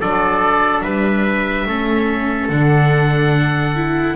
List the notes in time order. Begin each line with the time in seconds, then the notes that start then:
0.00 F#3 D4 A4 D5
0.80 G3 B4 E5
1.66 A3 C#4 A4
2.49 D3 D4 F#5
3.75 E4